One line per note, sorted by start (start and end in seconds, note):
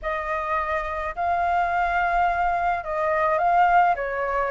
0.02 1.15 D#5
1.15 2.84 F5
2.84 3.38 D#5
3.38 3.95 F5
3.95 4.51 C#5